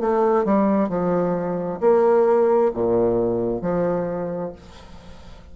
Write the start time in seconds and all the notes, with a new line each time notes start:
0.00 A3
0.45 G3
0.88 F3
1.81 A#3
2.74 A#2
3.62 F3